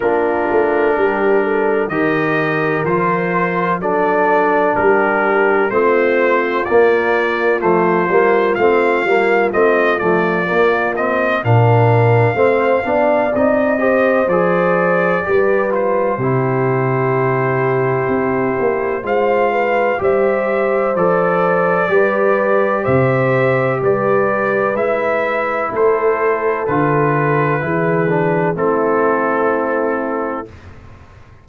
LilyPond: <<
  \new Staff \with { instrumentName = "trumpet" } { \time 4/4 \tempo 4 = 63 ais'2 dis''4 c''4 | d''4 ais'4 c''4 d''4 | c''4 f''4 dis''8 d''4 dis''8 | f''2 dis''4 d''4~ |
d''8 c''2.~ c''8 | f''4 e''4 d''2 | e''4 d''4 e''4 c''4 | b'2 a'2 | }
  \new Staff \with { instrumentName = "horn" } { \time 4/4 f'4 g'8 a'8 ais'2 | a'4 g'4 f'2~ | f'1 | ais'4 c''8 d''4 c''4. |
b'4 g'2. | c''8 b'8 c''2 b'4 | c''4 b'2 a'4~ | a'4 gis'4 e'2 | }
  \new Staff \with { instrumentName = "trombone" } { \time 4/4 d'2 g'4 f'4 | d'2 c'4 ais4 | a8 ais8 c'8 ais8 c'8 a8 ais8 c'8 | d'4 c'8 d'8 dis'8 g'8 gis'4 |
g'8 f'8 e'2. | f'4 g'4 a'4 g'4~ | g'2 e'2 | f'4 e'8 d'8 c'2 | }
  \new Staff \with { instrumentName = "tuba" } { \time 4/4 ais8 a8 g4 dis4 f4 | fis4 g4 a4 ais4 | f8 g8 a8 g8 a8 f8 ais4 | ais,4 a8 b8 c'4 f4 |
g4 c2 c'8 ais8 | gis4 g4 f4 g4 | c4 g4 gis4 a4 | d4 e4 a2 | }
>>